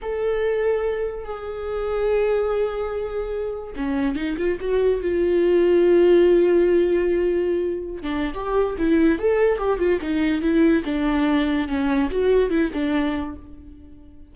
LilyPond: \new Staff \with { instrumentName = "viola" } { \time 4/4 \tempo 4 = 144 a'2. gis'4~ | gis'1~ | gis'4 cis'4 dis'8 f'8 fis'4 | f'1~ |
f'2.~ f'16 d'8. | g'4 e'4 a'4 g'8 f'8 | dis'4 e'4 d'2 | cis'4 fis'4 e'8 d'4. | }